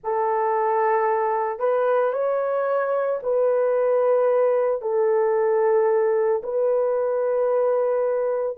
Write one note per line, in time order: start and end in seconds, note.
0.03 1.59 A4
1.59 2.12 B4
2.12 3.19 C#5
3.22 4.81 B4
4.81 6.42 A4
6.43 8.57 B4